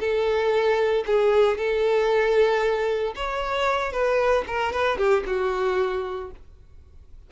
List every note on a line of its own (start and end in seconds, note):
0.00 1.04 A4
1.06 1.57 G#4
1.57 3.14 A4
3.16 3.92 C#5
3.92 4.45 B4
4.47 4.73 A#4
4.73 4.98 B4
4.98 5.24 G4
5.26 6.31 F#4